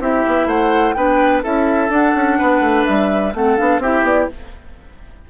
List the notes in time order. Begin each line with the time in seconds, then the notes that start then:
0.00 C4 E4 G4 E5
0.27 B3
0.46 A3 C5 F#5
0.93 B3 D4 B4 G5
1.43 C#4 E4 A4 E5
1.89 D4 F#5
2.15 C#4
2.38 B3 B4
2.61 A3
2.85 G3 E5
3.34 A3 C4 A4 F#5
3.57 B3 D4 F5
3.79 C4 E4 G4 E5
4.02 B3 D5